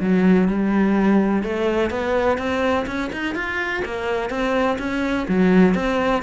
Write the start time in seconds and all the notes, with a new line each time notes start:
0.00 F#3
0.48 G3
1.43 A3
1.90 B3
2.37 C4
2.86 C#4
3.12 D#4
3.35 F4
3.85 A#3
4.29 C4
4.78 C#4
5.28 F#3
5.74 C4